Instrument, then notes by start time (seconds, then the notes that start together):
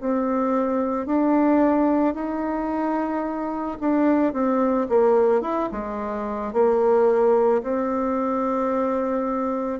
bassoon
0.00 C4
1.06 D4
2.14 D#4
3.80 D4
4.33 C4
4.89 A#3
5.41 E4
5.72 G#3
6.53 A#3
7.63 C4